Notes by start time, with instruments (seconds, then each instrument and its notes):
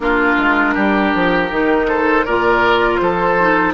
0.00 bassoon A#3, clarinet D4, oboe F4, flute A#4
0.37 bassoon G#3
0.74 bassoon G3, oboe G4
1.14 bassoon F3
1.50 bassoon D#3, clarinet D#4
1.88 oboe A4, flute C5
2.25 bassoon A#2, clarinet F4, oboe A#4, flute D5
2.97 bassoon F3, oboe A4, flute C5
3.39 clarinet D#4